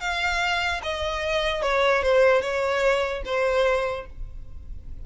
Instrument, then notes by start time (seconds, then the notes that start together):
violin
0.00 F5
0.83 D#5
1.62 C#5
2.03 C5
2.41 C#5
3.25 C5